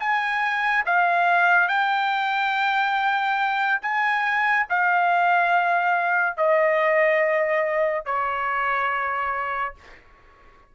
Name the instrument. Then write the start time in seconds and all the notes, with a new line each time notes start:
trumpet
0.00 G#5
0.86 F5
1.69 G5
3.82 G#5
4.70 F5
6.38 D#5
8.06 C#5